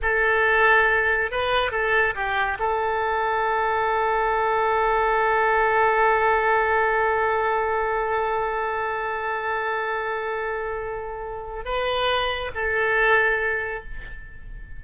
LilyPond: \new Staff \with { instrumentName = "oboe" } { \time 4/4 \tempo 4 = 139 a'2. b'4 | a'4 g'4 a'2~ | a'1~ | a'1~ |
a'1~ | a'1~ | a'2. b'4~ | b'4 a'2. | }